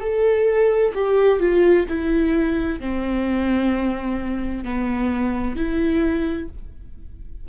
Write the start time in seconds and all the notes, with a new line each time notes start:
0.00 A4
0.94 G4
1.39 F4
1.88 E4
2.79 C4
4.63 B3
5.56 E4